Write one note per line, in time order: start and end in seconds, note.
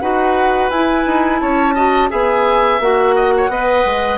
0.00 0.70 D#4
0.00 0.71 F#4
0.00 1.41 B4
0.00 0.70 F#5
0.70 1.05 E4
0.70 1.76 E4
0.70 1.40 G#5
1.07 1.42 D#4
1.40 2.12 C#4
1.40 1.75 C#5
1.40 2.10 A5
1.75 2.09 F#4
1.75 2.10 D#5
2.09 2.80 B3
2.09 2.79 G#4
2.09 3.16 E5
2.09 2.81 G#5
2.80 3.49 A#3
2.80 3.50 F#4
2.80 4.18 F#5
3.16 3.33 D#5
3.37 3.51 C#5
3.49 3.84 B3
3.49 4.18 B4
3.49 4.18 D#5
3.85 4.18 G#3